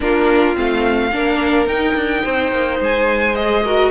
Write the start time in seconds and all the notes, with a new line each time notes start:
0.00 A#3 D4 F4 A#4
0.54 A3 C4 F5
1.11 A#3 D4 A#4
1.66 D#4 G5
1.95 D4
2.23 C4 C5
2.51 A#3
2.80 G#3 G#5
3.35 G#4 D#5
3.63 F#4 A#4